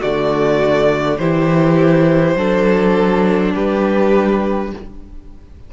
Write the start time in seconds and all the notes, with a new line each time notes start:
0.00 D3 A3 F#4 D5
1.18 E3 E4 G4 C5
2.36 F#3 D4 A4
3.53 G3 G4 B4